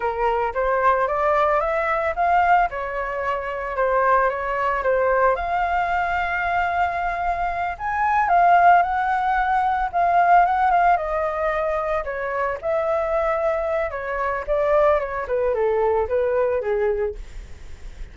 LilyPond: \new Staff \with { instrumentName = "flute" } { \time 4/4 \tempo 4 = 112 ais'4 c''4 d''4 e''4 | f''4 cis''2 c''4 | cis''4 c''4 f''2~ | f''2~ f''8 gis''4 f''8~ |
f''8 fis''2 f''4 fis''8 | f''8 dis''2 cis''4 e''8~ | e''2 cis''4 d''4 | cis''8 b'8 a'4 b'4 gis'4 | }